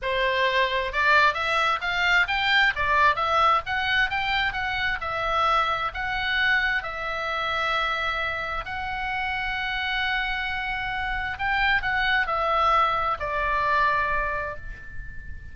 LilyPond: \new Staff \with { instrumentName = "oboe" } { \time 4/4 \tempo 4 = 132 c''2 d''4 e''4 | f''4 g''4 d''4 e''4 | fis''4 g''4 fis''4 e''4~ | e''4 fis''2 e''4~ |
e''2. fis''4~ | fis''1~ | fis''4 g''4 fis''4 e''4~ | e''4 d''2. | }